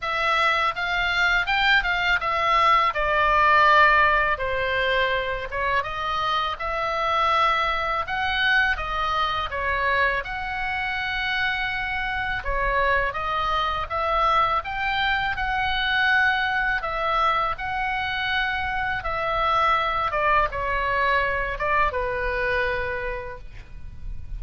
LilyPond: \new Staff \with { instrumentName = "oboe" } { \time 4/4 \tempo 4 = 82 e''4 f''4 g''8 f''8 e''4 | d''2 c''4. cis''8 | dis''4 e''2 fis''4 | dis''4 cis''4 fis''2~ |
fis''4 cis''4 dis''4 e''4 | g''4 fis''2 e''4 | fis''2 e''4. d''8 | cis''4. d''8 b'2 | }